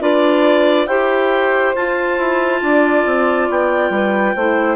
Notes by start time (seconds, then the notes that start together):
0.00 D4 F4 B4 D5
0.87 E4 G4 C5 G5
1.75 F4 A5
2.18 E4
2.62 D4 D5
3.05 C4
3.49 B3 G5
3.90 G3 B4
4.35 A3 E4 C5